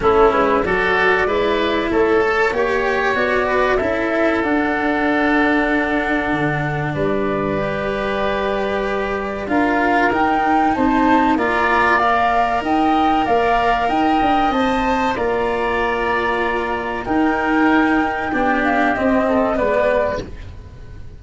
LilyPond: <<
  \new Staff \with { instrumentName = "flute" } { \time 4/4 \tempo 4 = 95 a'8 b'8 d''2 cis''4~ | cis''4 d''4 e''4 fis''4~ | fis''2. d''4~ | d''2. f''4 |
g''4 a''4 ais''4 f''4 | g''4 f''4 g''4 a''4 | ais''2. g''4~ | g''4. f''8 dis''4 d''4 | }
  \new Staff \with { instrumentName = "oboe" } { \time 4/4 e'4 a'4 b'4 a'4 | cis''4. b'8 a'2~ | a'2. b'4~ | b'2. ais'4~ |
ais'4 c''4 d''2 | dis''4 d''4 dis''2 | d''2. ais'4~ | ais'4 g'4. a'8 b'4 | }
  \new Staff \with { instrumentName = "cello" } { \time 4/4 cis'4 fis'4 e'4. a'8 | g'4 fis'4 e'4 d'4~ | d'1 | g'2. f'4 |
dis'2 f'4 ais'4~ | ais'2. c''4 | f'2. dis'4~ | dis'4 d'4 c'4 b4 | }
  \new Staff \with { instrumentName = "tuba" } { \time 4/4 a8 gis8 fis4 gis4 a4 | ais4 b4 cis'4 d'4~ | d'2 d4 g4~ | g2. d'4 |
dis'4 c'4 ais2 | dis'4 ais4 dis'8 d'8 c'4 | ais2. dis'4~ | dis'4 b4 c'4 gis4 | }
>>